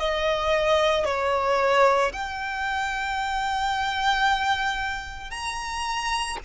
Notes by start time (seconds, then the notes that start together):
0.00 D#5
1.05 C#5
2.13 G5
5.31 A#5